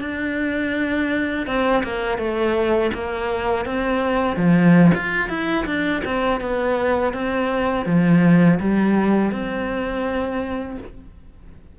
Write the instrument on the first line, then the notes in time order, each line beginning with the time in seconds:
cello
0.00 D4
1.46 C4
1.83 A#3
2.18 A3
2.94 A#3
3.65 C4
4.36 F3
4.94 F4
5.29 E4
5.66 D4
6.04 C4
6.41 B3
7.13 C4
7.86 F3
8.59 G3
9.31 C4